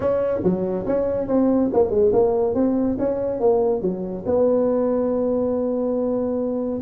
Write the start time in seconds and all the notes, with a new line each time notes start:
0.00 C#4
0.43 F#3
0.86 C#4
1.27 C4
1.73 A#3
1.90 G#3
2.13 A#3
2.54 C4
2.98 C#4
3.39 A#3
3.81 F#3
4.26 B3